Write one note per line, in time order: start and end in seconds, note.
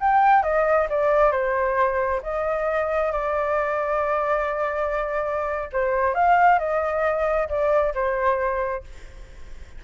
0.00 0.43 G5
0.43 0.88 D#5
0.90 1.32 D5
1.32 2.21 C5
2.23 3.12 D#5
3.12 5.69 D5
5.73 6.14 C5
6.14 6.59 F5
6.59 7.48 D#5
7.49 7.94 D5
7.95 8.84 C5